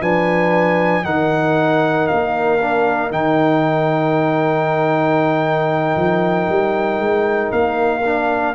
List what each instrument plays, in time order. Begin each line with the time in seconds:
0.00 tuba F3, trombone D4, horn B4, trumpet G#5
1.03 tuba D#3, trombone D#4, horn A#4, trumpet F#5
2.07 tuba A#3, trumpet F5
2.60 trombone D4
3.10 tuba D#3, trombone D#4, trumpet G5
5.95 tuba F3
6.48 tuba G3
6.98 tuba G#3
7.51 tuba A#3, trumpet F5
8.04 trombone D4